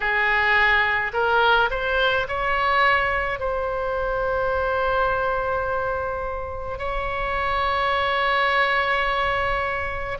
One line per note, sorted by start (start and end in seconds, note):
0.00 1.12 G#4
1.13 1.69 A#4
1.70 2.26 C5
2.27 3.40 C#5
3.40 6.78 C5
6.78 10.18 C#5